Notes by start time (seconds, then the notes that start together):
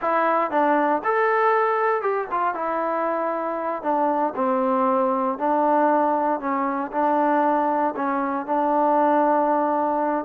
0.01 E4
0.50 D4
1.03 A4
2.01 G4
2.31 F4
2.54 E4
3.82 D4
4.35 C4
5.38 D4
6.40 C#4
6.91 D4
7.96 C#4
8.45 D4